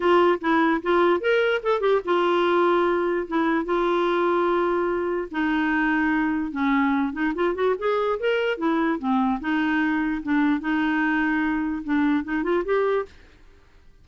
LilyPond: \new Staff \with { instrumentName = "clarinet" } { \time 4/4 \tempo 4 = 147 f'4 e'4 f'4 ais'4 | a'8 g'8 f'2. | e'4 f'2.~ | f'4 dis'2. |
cis'4. dis'8 f'8 fis'8 gis'4 | ais'4 e'4 c'4 dis'4~ | dis'4 d'4 dis'2~ | dis'4 d'4 dis'8 f'8 g'4 | }